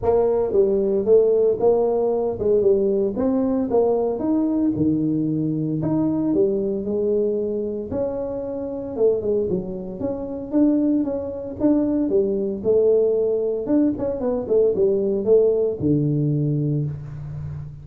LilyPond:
\new Staff \with { instrumentName = "tuba" } { \time 4/4 \tempo 4 = 114 ais4 g4 a4 ais4~ | ais8 gis8 g4 c'4 ais4 | dis'4 dis2 dis'4 | g4 gis2 cis'4~ |
cis'4 a8 gis8 fis4 cis'4 | d'4 cis'4 d'4 g4 | a2 d'8 cis'8 b8 a8 | g4 a4 d2 | }